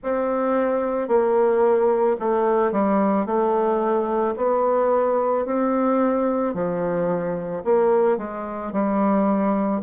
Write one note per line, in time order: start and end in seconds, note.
0.03 1.08 C4
1.08 2.17 A#3
2.19 2.72 A3
2.72 3.25 G3
3.25 4.34 A3
4.36 5.45 B3
5.45 6.54 C4
6.54 7.63 F3
7.64 8.17 A#3
8.17 8.72 G#3
8.72 9.81 G3